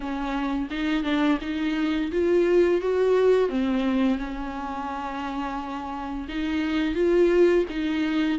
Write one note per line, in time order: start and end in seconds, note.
0.00 0.68 C#4
0.70 1.03 D#4
1.03 1.38 D4
1.41 2.11 D#4
2.11 2.81 F4
2.81 3.49 F#4
3.49 4.18 C4
4.18 6.27 C#4
6.28 6.95 D#4
6.95 7.64 F4
7.69 8.38 D#4